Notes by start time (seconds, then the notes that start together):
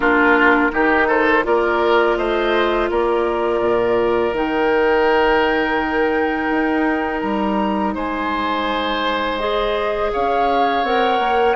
0.00 A#3 D4 F4 A#4
0.71 D#3 D#4 G4
1.07 A4 C5
1.42 A#3 F4 A#4 D5
2.16 A3 C5 D#5
2.90 A#3 A#4 D5
3.60 A#2
4.32 D#3 D#4 G5
6.50 D#4
7.20 G3 A#5
7.94 G#3 C5 G#5
9.39 G#4 D#5
10.12 C#4 C#5 F5
10.83 C4 A#4 F#5
11.19 A#3